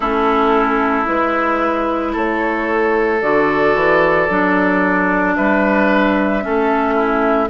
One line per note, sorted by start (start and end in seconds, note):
0.00 1.06 A3
0.00 1.05 C#4
0.00 2.12 E4
0.00 1.06 A4
1.05 2.14 G#3
1.05 3.19 E4
1.05 2.14 B4
2.12 3.22 A3
2.12 5.34 A4
2.12 3.21 C#5
3.21 3.74 D3
3.21 4.29 F#4
3.21 5.35 D5
3.74 4.27 E3
4.29 5.36 F#3
4.29 6.42 D4
5.35 6.45 G3
5.35 6.43 B4
5.35 7.49 E5
6.42 7.49 A3
6.42 7.49 C#4
6.42 6.94 A4
6.94 7.48 E4